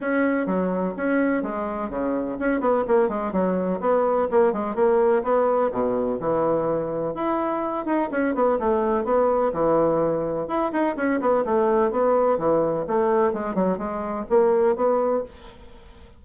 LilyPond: \new Staff \with { instrumentName = "bassoon" } { \time 4/4 \tempo 4 = 126 cis'4 fis4 cis'4 gis4 | cis4 cis'8 b8 ais8 gis8 fis4 | b4 ais8 gis8 ais4 b4 | b,4 e2 e'4~ |
e'8 dis'8 cis'8 b8 a4 b4 | e2 e'8 dis'8 cis'8 b8 | a4 b4 e4 a4 | gis8 fis8 gis4 ais4 b4 | }